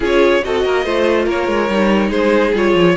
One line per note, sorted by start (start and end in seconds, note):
0.00 0.42 C#4
0.00 0.42 F4
0.00 0.42 G#4
0.00 0.44 C#5
0.44 0.65 C4
0.44 0.85 F#4
0.44 0.64 A4
0.44 1.28 D#5
0.64 0.85 A#3
0.64 0.84 A#4
0.84 1.26 A3
0.84 1.69 F4
0.84 1.25 C5
1.25 1.47 A#3
1.25 2.09 A#4
1.25 2.10 C#5
1.47 1.68 G#3
1.68 2.10 G3
1.68 2.54 D#4
2.09 2.52 G#3
2.09 2.93 G#4
2.09 2.53 C5
2.53 2.74 G3
2.53 2.96 F4
2.53 2.96 C#5
2.74 2.95 F3